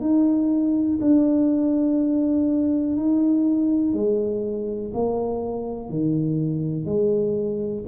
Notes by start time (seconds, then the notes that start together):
0.00 D#4
1.01 D4
2.96 D#4
3.93 G#3
4.94 A#3
5.89 D#3
6.85 G#3